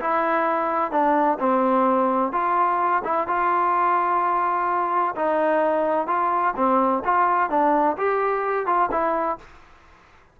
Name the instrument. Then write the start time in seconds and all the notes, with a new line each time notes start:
trombone
0.00 E4
0.91 D4
1.39 C4
2.32 F4
3.04 E4
3.27 F4
5.15 D#4
6.07 F4
6.56 C4
7.05 F4
7.50 D4
7.98 G4
8.66 F4
8.91 E4